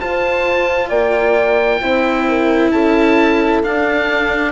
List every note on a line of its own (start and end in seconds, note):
0.00 0.90 F4
0.00 1.82 F4
0.00 0.89 C5
0.00 0.89 A5
0.89 1.81 A#3
0.89 1.80 D5
0.89 2.71 G5
1.81 2.72 C4
1.81 3.63 E4
1.81 2.27 C5
2.29 2.73 A#4
2.71 3.63 C#4
2.71 4.52 A4
2.71 3.62 A5
3.63 4.52 D4
3.63 4.52 F5